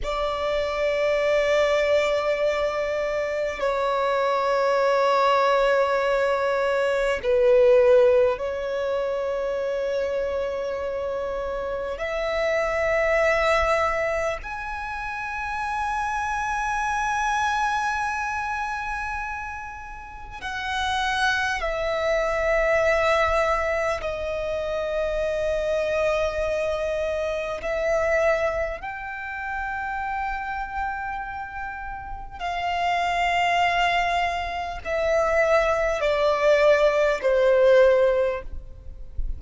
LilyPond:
\new Staff \with { instrumentName = "violin" } { \time 4/4 \tempo 4 = 50 d''2. cis''4~ | cis''2 b'4 cis''4~ | cis''2 e''2 | gis''1~ |
gis''4 fis''4 e''2 | dis''2. e''4 | g''2. f''4~ | f''4 e''4 d''4 c''4 | }